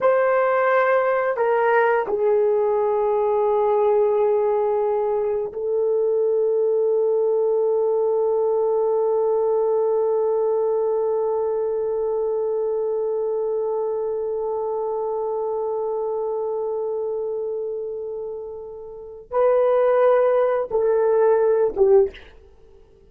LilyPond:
\new Staff \with { instrumentName = "horn" } { \time 4/4 \tempo 4 = 87 c''2 ais'4 gis'4~ | gis'1 | a'1~ | a'1~ |
a'1~ | a'1~ | a'1 | b'2 a'4. g'8 | }